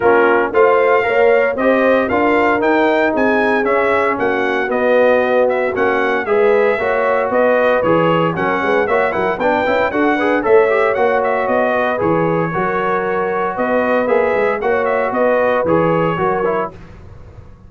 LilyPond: <<
  \new Staff \with { instrumentName = "trumpet" } { \time 4/4 \tempo 4 = 115 ais'4 f''2 dis''4 | f''4 g''4 gis''4 e''4 | fis''4 dis''4. e''8 fis''4 | e''2 dis''4 cis''4 |
fis''4 e''8 fis''8 g''4 fis''4 | e''4 fis''8 e''8 dis''4 cis''4~ | cis''2 dis''4 e''4 | fis''8 e''8 dis''4 cis''2 | }
  \new Staff \with { instrumentName = "horn" } { \time 4/4 f'4 c''4 cis''4 c''4 | ais'2 gis'2 | fis'1 | b'4 cis''4 b'2 |
ais'8 b'8 cis''8 ais'8 b'4 a'8 b'8 | cis''2~ cis''8 b'4. | ais'2 b'2 | cis''4 b'2 ais'4 | }
  \new Staff \with { instrumentName = "trombone" } { \time 4/4 cis'4 f'4 ais'4 g'4 | f'4 dis'2 cis'4~ | cis'4 b2 cis'4 | gis'4 fis'2 gis'4 |
cis'4 fis'8 e'8 d'8 e'8 fis'8 gis'8 | a'8 g'8 fis'2 gis'4 | fis'2. gis'4 | fis'2 gis'4 fis'8 e'8 | }
  \new Staff \with { instrumentName = "tuba" } { \time 4/4 ais4 a4 ais4 c'4 | d'4 dis'4 c'4 cis'4 | ais4 b2 ais4 | gis4 ais4 b4 e4 |
fis8 gis8 ais8 fis8 b8 cis'8 d'4 | a4 ais4 b4 e4 | fis2 b4 ais8 gis8 | ais4 b4 e4 fis4 | }
>>